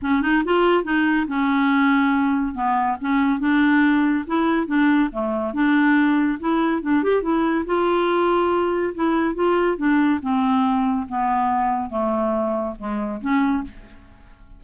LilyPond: \new Staff \with { instrumentName = "clarinet" } { \time 4/4 \tempo 4 = 141 cis'8 dis'8 f'4 dis'4 cis'4~ | cis'2 b4 cis'4 | d'2 e'4 d'4 | a4 d'2 e'4 |
d'8 g'8 e'4 f'2~ | f'4 e'4 f'4 d'4 | c'2 b2 | a2 gis4 cis'4 | }